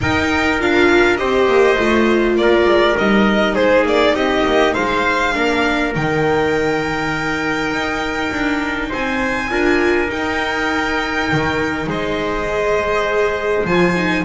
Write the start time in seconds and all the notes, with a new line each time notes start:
0.00 D#4 A#4 G5
0.59 D4 F4 F5
1.16 C4 G4 C5 D#5
1.47 A#3
1.78 A3 F4
2.36 A#3 A#4 D5
2.65 G#3
2.97 G3 D#4 D#5
3.54 G#3 G#4 C5
3.84 A#3 D5
4.13 C4 G4 D#5
4.46 A#3
4.73 G#3 C5 F5
5.33 A#3 D4 A#4
5.95 D#3 D#4 G5
7.70 D#4
8.31 D4
8.89 C4 C5 G#5
9.50 D4 F4 A#4
10.07 D#4 G5
11.31 D#3
11.86 G#3 C5 D#5
12.48 G#4
13.65 F3 F4 G#5
13.96 D#4